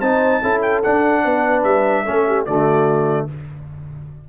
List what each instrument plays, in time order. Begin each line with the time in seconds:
0.00 tuba C4, trombone D#4, horn C5, trumpet A5
0.41 tuba C#4, trombone E4, horn A4
0.62 trumpet G5
0.83 trombone D4, tuba D4, trumpet F#5
1.25 tuba B3, horn B4
1.64 tuba G3, trumpet E5
2.04 tuba A3, trombone C#4, horn A4
2.27 horn G4
2.45 tuba D3, trombone A3, horn F#4, trumpet D5